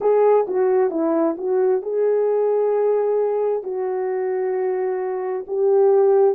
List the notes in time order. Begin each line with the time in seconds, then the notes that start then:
0.00 G#4
0.48 F#4
0.90 E4
1.37 F#4
1.82 G#4
3.63 F#4
5.47 G4